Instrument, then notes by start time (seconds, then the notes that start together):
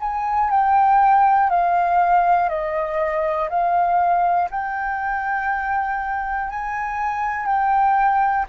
flute
0.00 G#5
0.50 G5
1.50 F5
2.50 D#5
3.50 F5
4.50 G5
6.50 G#5
7.46 G5